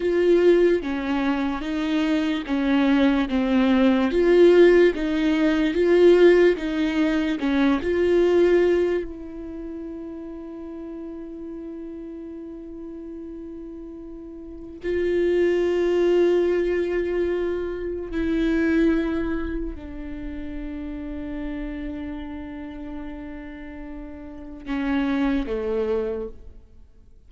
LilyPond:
\new Staff \with { instrumentName = "viola" } { \time 4/4 \tempo 4 = 73 f'4 cis'4 dis'4 cis'4 | c'4 f'4 dis'4 f'4 | dis'4 cis'8 f'4. e'4~ | e'1~ |
e'2 f'2~ | f'2 e'2 | d'1~ | d'2 cis'4 a4 | }